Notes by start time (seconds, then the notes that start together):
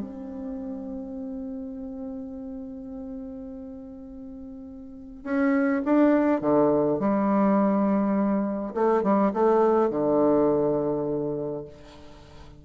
0.00 C4
5.24 C#4
5.85 D4
6.41 D3
6.99 G3
8.74 A3
9.03 G3
9.33 A3
9.90 D3